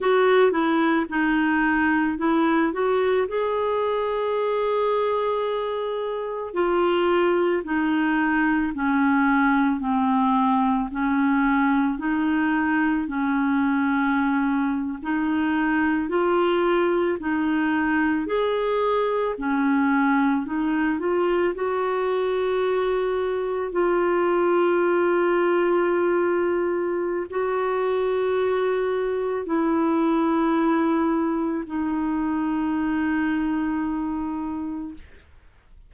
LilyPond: \new Staff \with { instrumentName = "clarinet" } { \time 4/4 \tempo 4 = 55 fis'8 e'8 dis'4 e'8 fis'8 gis'4~ | gis'2 f'4 dis'4 | cis'4 c'4 cis'4 dis'4 | cis'4.~ cis'16 dis'4 f'4 dis'16~ |
dis'8. gis'4 cis'4 dis'8 f'8 fis'16~ | fis'4.~ fis'16 f'2~ f'16~ | f'4 fis'2 e'4~ | e'4 dis'2. | }